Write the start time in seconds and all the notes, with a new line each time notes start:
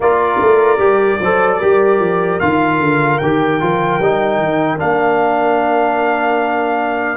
0.00 A#3 F4 A#4 D5
0.41 A3
0.78 G3 G4
1.20 F#3 A4 C5
1.59 G3 G4 A#4
1.99 F3
2.39 D#3 F4 F5
2.79 D3
3.18 D#3 G4 G5
3.60 F3 F4
3.99 G3 D#4
4.39 D#3
4.78 A#3 D4 F5